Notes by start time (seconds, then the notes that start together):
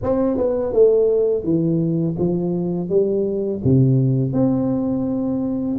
0.03 C4
0.37 B3
0.72 A3
1.43 E3
2.19 F3
2.89 G3
3.63 C3
4.32 C4